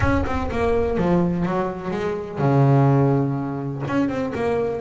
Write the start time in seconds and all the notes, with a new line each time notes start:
0.00 C#4
0.25 C4
0.51 A#3
0.97 F3
1.45 F#3
1.90 G#3
2.38 C#3
3.87 C#4
4.08 C4
4.34 A#3